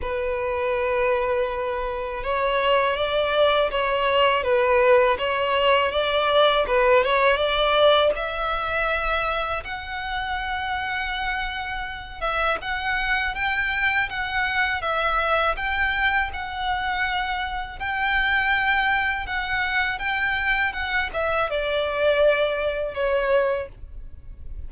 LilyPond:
\new Staff \with { instrumentName = "violin" } { \time 4/4 \tempo 4 = 81 b'2. cis''4 | d''4 cis''4 b'4 cis''4 | d''4 b'8 cis''8 d''4 e''4~ | e''4 fis''2.~ |
fis''8 e''8 fis''4 g''4 fis''4 | e''4 g''4 fis''2 | g''2 fis''4 g''4 | fis''8 e''8 d''2 cis''4 | }